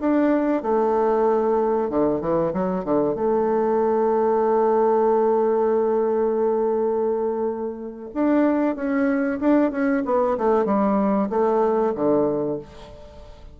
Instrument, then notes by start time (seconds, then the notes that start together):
bassoon
0.00 D4
0.62 A3
1.89 D3
2.21 E3
2.53 F#3
2.84 D3
3.15 A3
8.14 D4
8.75 C#4
9.40 D4
9.71 C#4
10.05 B3
10.37 A3
10.65 G3
11.29 A3
11.94 D3